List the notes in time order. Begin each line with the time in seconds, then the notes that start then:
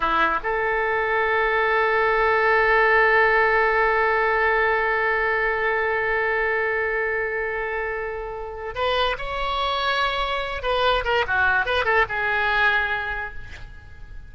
0.00 E4
0.43 A4
8.74 B4
9.17 C#5
10.62 B4
11.04 A#4
11.27 F#4
11.65 B4
11.84 A4
12.09 G#4